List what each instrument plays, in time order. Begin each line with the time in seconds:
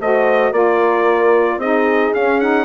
0.00 bassoon A3, saxophone F#4, horn C5, trumpet D#5
0.52 bassoon A#3, saxophone F4, horn A#4, trumpet D5
1.57 bassoon C4, saxophone D#4, horn G#4, trumpet D#5
2.14 bassoon C#4, saxophone C#4, trumpet F5
2.40 saxophone D#4, trumpet F#5